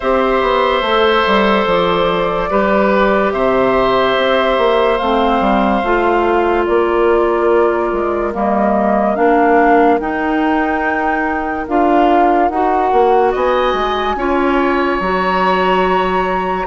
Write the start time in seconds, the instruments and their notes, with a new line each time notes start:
0.00 bassoon C4, clarinet G4, oboe C5, flute E5
0.41 bassoon B3
0.81 bassoon A3, clarinet A4
1.26 bassoon G3
1.65 bassoon F3, flute D5
2.49 bassoon G3, clarinet G4, oboe B4
3.32 bassoon C3, oboe C5, flute E5
4.17 bassoon C4
4.58 bassoon A#3
4.98 bassoon A3, clarinet C4, flute F5
5.40 bassoon G3
5.83 bassoon A3, clarinet F4
6.65 bassoon A#3, oboe A#4, flute D5
7.92 bassoon G#3
8.33 bassoon G3, clarinet A#3, flute D#5
9.15 bassoon A#3, clarinet D4, flute F5
9.99 bassoon D#4, clarinet D#4, flute G5
11.68 bassoon D4, clarinet F4, flute F5
12.48 bassoon D#4, clarinet F#4, flute F#5
12.92 bassoon A#3
13.31 bassoon B3, oboe D#5, flute G#5
13.73 bassoon G#3
14.15 bassoon C#4, clarinet F4, oboe C#5
14.99 bassoon F#3, clarinet F#4, flute A#5